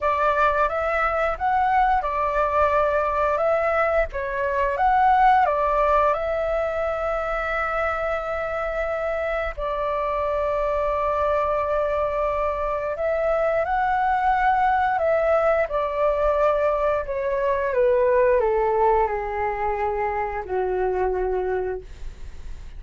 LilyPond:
\new Staff \with { instrumentName = "flute" } { \time 4/4 \tempo 4 = 88 d''4 e''4 fis''4 d''4~ | d''4 e''4 cis''4 fis''4 | d''4 e''2.~ | e''2 d''2~ |
d''2. e''4 | fis''2 e''4 d''4~ | d''4 cis''4 b'4 a'4 | gis'2 fis'2 | }